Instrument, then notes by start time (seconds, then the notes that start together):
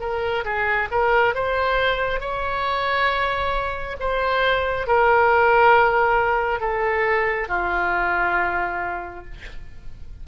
oboe
0.00 A#4
0.45 G#4
0.91 A#4
1.35 C5
2.20 C#5
4.00 C5
4.87 A#4
6.60 A4
7.48 F4